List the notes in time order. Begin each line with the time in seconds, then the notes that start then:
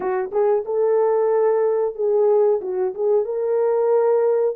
0.00 F#4
0.31 G#4
0.65 A4
1.95 G#4
2.61 F#4
2.94 G#4
3.25 A#4